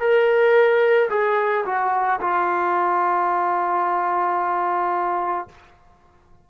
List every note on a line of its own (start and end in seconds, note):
0.00 1.09 A#4
1.10 1.65 G#4
1.66 2.20 F#4
2.21 5.48 F4